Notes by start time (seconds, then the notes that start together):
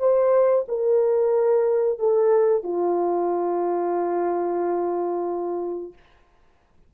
0.00 C5
0.69 A#4
1.99 A4
2.64 F4